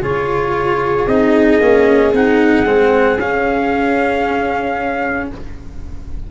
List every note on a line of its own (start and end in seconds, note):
0.00 1.06 C#3
0.00 1.07 F4
0.00 5.26 G#4
0.00 1.07 C#5
1.07 1.59 C4
1.07 1.61 D#4
1.07 2.12 D#5
1.60 2.12 A#3
1.60 2.14 C#4
2.12 2.64 C4
2.12 2.65 D#4
2.12 3.19 F#5
2.64 3.17 G#3
2.64 3.18 C4
3.17 5.27 C#4
3.17 5.30 C#4
3.17 5.30 F5